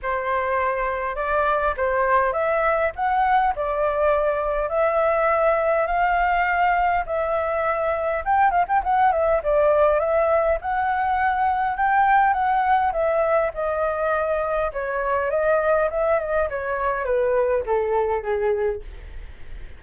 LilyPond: \new Staff \with { instrumentName = "flute" } { \time 4/4 \tempo 4 = 102 c''2 d''4 c''4 | e''4 fis''4 d''2 | e''2 f''2 | e''2 g''8 f''16 g''16 fis''8 e''8 |
d''4 e''4 fis''2 | g''4 fis''4 e''4 dis''4~ | dis''4 cis''4 dis''4 e''8 dis''8 | cis''4 b'4 a'4 gis'4 | }